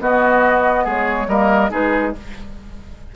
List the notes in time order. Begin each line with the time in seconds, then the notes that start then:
0.00 B3 F#4 D#5
0.85 G#3 G#4 C#5
1.27 G3 A#3 A#4 D#5
1.70 G#3 D#4 G#4 B4